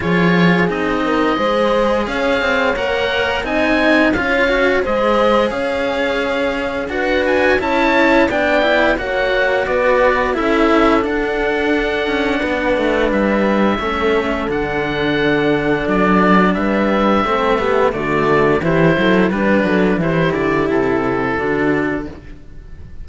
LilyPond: <<
  \new Staff \with { instrumentName = "oboe" } { \time 4/4 \tempo 4 = 87 cis''4 dis''2 f''4 | fis''4 gis''4 f''4 dis''4 | f''2 fis''8 gis''8 a''4 | g''4 fis''4 d''4 e''4 |
fis''2. e''4~ | e''4 fis''2 d''4 | e''2 d''4 c''4 | b'4 c''8 d''8 a'2 | }
  \new Staff \with { instrumentName = "horn" } { \time 4/4 gis'4. ais'8 c''4 cis''4~ | cis''4 dis''4 cis''4 c''4 | cis''2 b'4 cis''4 | d''4 cis''4 b'4 a'4~ |
a'2 b'2 | a'1 | b'4 a'8 g'8 fis'4 g'8 a'8 | b'8 a'8 g'2 fis'4 | }
  \new Staff \with { instrumentName = "cello" } { \time 4/4 f'4 dis'4 gis'2 | ais'4 dis'4 f'8 fis'8 gis'4~ | gis'2 fis'4 e'4 | d'8 e'8 fis'2 e'4 |
d'1 | cis'4 d'2.~ | d'4 c'8 b8 a4 e'4 | d'4 e'2 d'4 | }
  \new Staff \with { instrumentName = "cello" } { \time 4/4 f4 c'4 gis4 cis'8 c'8 | ais4 c'4 cis'4 gis4 | cis'2 d'4 cis'4 | b4 ais4 b4 cis'4 |
d'4. cis'8 b8 a8 g4 | a4 d2 fis4 | g4 a4 d4 e8 fis8 | g8 fis8 e8 d8 c4 d4 | }
>>